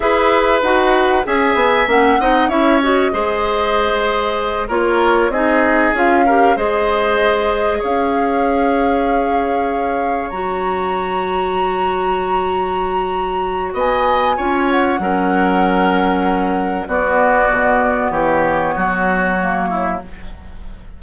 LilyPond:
<<
  \new Staff \with { instrumentName = "flute" } { \time 4/4 \tempo 4 = 96 e''4 fis''4 gis''4 fis''4 | e''8 dis''2. cis''8~ | cis''8 dis''4 f''4 dis''4.~ | dis''8 f''2.~ f''8~ |
f''8 ais''2.~ ais''8~ | ais''2 gis''4. fis''8~ | fis''2. d''4~ | d''4 cis''2. | }
  \new Staff \with { instrumentName = "oboe" } { \time 4/4 b'2 e''4. dis''8 | cis''4 c''2~ c''8 ais'8~ | ais'8 gis'4. ais'8 c''4.~ | c''8 cis''2.~ cis''8~ |
cis''1~ | cis''2 dis''4 cis''4 | ais'2. fis'4~ | fis'4 g'4 fis'4. e'8 | }
  \new Staff \with { instrumentName = "clarinet" } { \time 4/4 gis'4 fis'4 gis'4 cis'8 dis'8 | e'8 fis'8 gis'2~ gis'8 f'8~ | f'8 dis'4 f'8 g'8 gis'4.~ | gis'1~ |
gis'8 fis'2.~ fis'8~ | fis'2. f'4 | cis'2. b4~ | b2. ais4 | }
  \new Staff \with { instrumentName = "bassoon" } { \time 4/4 e'4 dis'4 cis'8 b8 ais8 c'8 | cis'4 gis2~ gis8 ais8~ | ais8 c'4 cis'4 gis4.~ | gis8 cis'2.~ cis'8~ |
cis'8 fis2.~ fis8~ | fis2 b4 cis'4 | fis2. b4 | b,4 e4 fis2 | }
>>